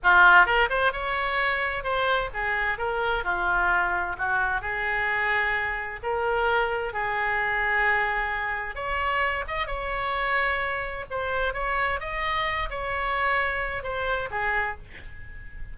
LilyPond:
\new Staff \with { instrumentName = "oboe" } { \time 4/4 \tempo 4 = 130 f'4 ais'8 c''8 cis''2 | c''4 gis'4 ais'4 f'4~ | f'4 fis'4 gis'2~ | gis'4 ais'2 gis'4~ |
gis'2. cis''4~ | cis''8 dis''8 cis''2. | c''4 cis''4 dis''4. cis''8~ | cis''2 c''4 gis'4 | }